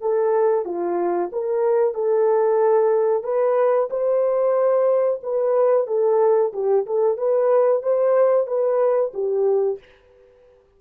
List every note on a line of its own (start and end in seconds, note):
0.00 0.65 A4
0.65 1.30 F4
1.32 1.94 A#4
1.94 3.23 A4
3.23 3.88 B4
3.90 5.20 C5
5.23 5.87 B4
5.87 6.52 A4
6.53 6.85 G4
6.86 7.17 A4
7.17 7.82 B4
7.82 8.47 C5
8.47 9.12 B4
9.14 9.79 G4